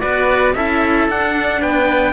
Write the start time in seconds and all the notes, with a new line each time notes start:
0.00 B3 F#4 B4 D5
0.54 C#4 E4 A4 E5
1.08 D4 F#5
1.61 B3 B4 G5